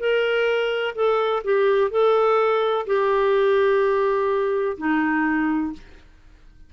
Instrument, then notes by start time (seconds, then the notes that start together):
clarinet
0.00 A#4
0.95 A4
1.44 G4
1.91 A4
2.87 G4
4.78 D#4